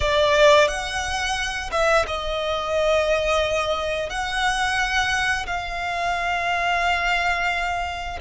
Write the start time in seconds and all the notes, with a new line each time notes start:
0.00 D5
0.68 F#5
1.71 E5
2.07 D#5
4.09 F#5
5.46 F5